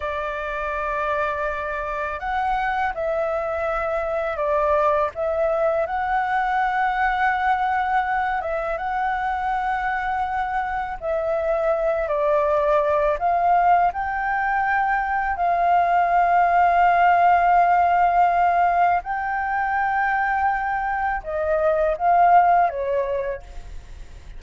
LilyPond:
\new Staff \with { instrumentName = "flute" } { \time 4/4 \tempo 4 = 82 d''2. fis''4 | e''2 d''4 e''4 | fis''2.~ fis''8 e''8 | fis''2. e''4~ |
e''8 d''4. f''4 g''4~ | g''4 f''2.~ | f''2 g''2~ | g''4 dis''4 f''4 cis''4 | }